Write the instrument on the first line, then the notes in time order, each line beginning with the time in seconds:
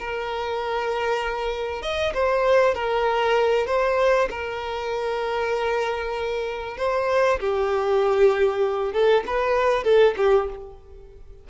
violin
0.00 A#4
1.82 D#5
2.15 C5
2.75 A#4
3.67 C5
4.31 A#4
6.78 C5
7.40 G4
8.93 A4
9.27 B4
9.84 A4
10.17 G4